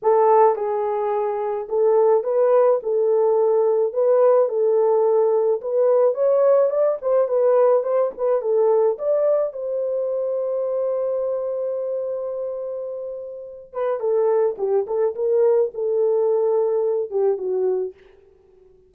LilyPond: \new Staff \with { instrumentName = "horn" } { \time 4/4 \tempo 4 = 107 a'4 gis'2 a'4 | b'4 a'2 b'4 | a'2 b'4 cis''4 | d''8 c''8 b'4 c''8 b'8 a'4 |
d''4 c''2.~ | c''1~ | c''8 b'8 a'4 g'8 a'8 ais'4 | a'2~ a'8 g'8 fis'4 | }